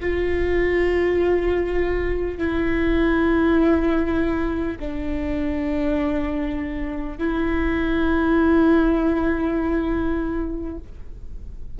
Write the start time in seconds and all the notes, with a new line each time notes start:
0.00 F4
2.38 E4
4.79 D4
7.18 E4